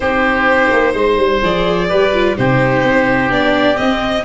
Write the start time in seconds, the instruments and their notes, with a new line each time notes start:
0.00 tuba C4, viola D#4, oboe G4, violin C5
0.71 tuba A#3
0.93 tuba G#3, oboe C5
1.17 tuba G3
1.42 tuba F3, viola G#4, violin D5
1.88 tuba G3, viola G4, oboe B4
2.13 viola F4
2.35 tuba C3, viola D#4, oboe G4, violin C5
2.84 tuba C4
3.29 tuba B3, viola D4, violin D5
3.75 viola C4, tuba C4, violin D#5